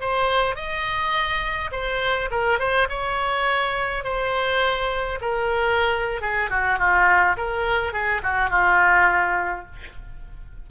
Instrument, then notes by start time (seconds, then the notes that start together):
oboe
0.00 C5
0.55 D#5
1.72 C5
2.31 A#4
2.59 C5
2.89 C#5
4.04 C5
5.21 A#4
6.21 G#4
6.50 F#4
6.78 F4
7.37 A#4
7.92 G#4
8.23 F#4
8.50 F4